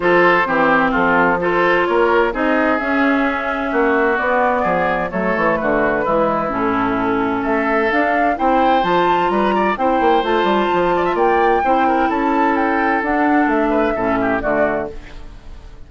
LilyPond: <<
  \new Staff \with { instrumentName = "flute" } { \time 4/4 \tempo 4 = 129 c''2 a'4 c''4 | cis''4 dis''4 e''2~ | e''4 d''2 cis''4 | b'2 a'2 |
e''4 f''4 g''4 a''4 | ais''4 g''4 a''2 | g''2 a''4 g''4 | fis''4 e''2 d''4 | }
  \new Staff \with { instrumentName = "oboe" } { \time 4/4 a'4 g'4 f'4 a'4 | ais'4 gis'2. | fis'2 gis'4 a'4 | fis'4 e'2. |
a'2 c''2 | b'8 d''8 c''2~ c''8 d''16 e''16 | d''4 c''8 ais'8 a'2~ | a'4. b'8 a'8 g'8 fis'4 | }
  \new Staff \with { instrumentName = "clarinet" } { \time 4/4 f'4 c'2 f'4~ | f'4 dis'4 cis'2~ | cis'4 b2 a4~ | a4 gis4 cis'2~ |
cis'4 d'4 e'4 f'4~ | f'4 e'4 f'2~ | f'4 e'2. | d'2 cis'4 a4 | }
  \new Staff \with { instrumentName = "bassoon" } { \time 4/4 f4 e4 f2 | ais4 c'4 cis'2 | ais4 b4 f4 fis8 e8 | d4 e4 a,2 |
a4 d'4 c'4 f4 | g4 c'8 ais8 a8 g8 f4 | ais4 c'4 cis'2 | d'4 a4 a,4 d4 | }
>>